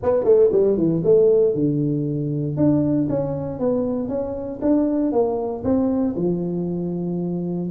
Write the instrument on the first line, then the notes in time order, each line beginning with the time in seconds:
tuba
0.03 B3
0.24 A3
0.52 G3
0.77 E3
1.04 A3
1.54 D3
2.56 D4
3.09 C#4
3.59 B3
4.08 C#4
4.61 D4
5.11 A#3
5.64 C4
6.16 F3